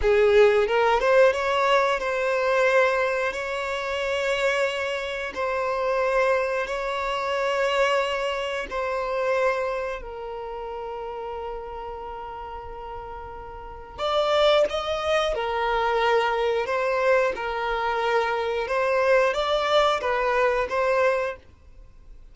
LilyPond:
\new Staff \with { instrumentName = "violin" } { \time 4/4 \tempo 4 = 90 gis'4 ais'8 c''8 cis''4 c''4~ | c''4 cis''2. | c''2 cis''2~ | cis''4 c''2 ais'4~ |
ais'1~ | ais'4 d''4 dis''4 ais'4~ | ais'4 c''4 ais'2 | c''4 d''4 b'4 c''4 | }